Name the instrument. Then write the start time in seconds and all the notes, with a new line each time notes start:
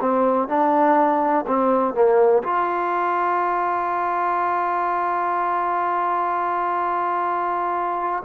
trombone
0.00 C4
0.48 D4
1.46 C4
1.94 A#3
2.43 F4